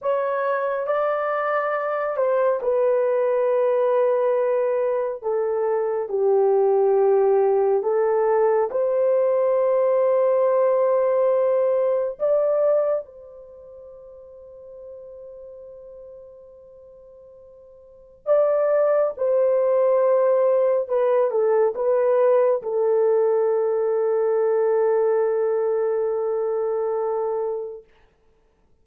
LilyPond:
\new Staff \with { instrumentName = "horn" } { \time 4/4 \tempo 4 = 69 cis''4 d''4. c''8 b'4~ | b'2 a'4 g'4~ | g'4 a'4 c''2~ | c''2 d''4 c''4~ |
c''1~ | c''4 d''4 c''2 | b'8 a'8 b'4 a'2~ | a'1 | }